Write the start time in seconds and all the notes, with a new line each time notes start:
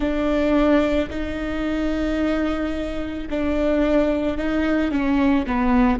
0.00 D4
1.10 D#4
3.30 D4
4.37 D#4
4.91 C#4
5.46 B3